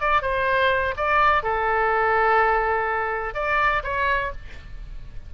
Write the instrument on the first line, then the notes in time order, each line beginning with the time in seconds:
oboe
0.00 D5
0.22 C5
0.96 D5
1.43 A4
3.34 D5
3.83 C#5